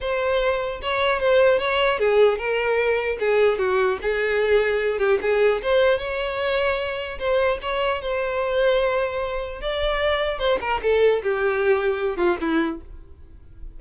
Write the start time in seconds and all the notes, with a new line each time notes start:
0.01 C5
0.81 C#5
1.20 C5
1.58 C#5
1.98 G#4
2.38 A#4
3.19 G#4
3.58 F#4
4.01 G#4
4.99 G4
5.21 G#4
5.62 C5
5.98 C#5
7.19 C5
7.61 C#5
8.01 C5
9.61 D5
10.38 C5
10.61 A#4
10.82 A4
11.22 G4
12.16 F4
12.40 E4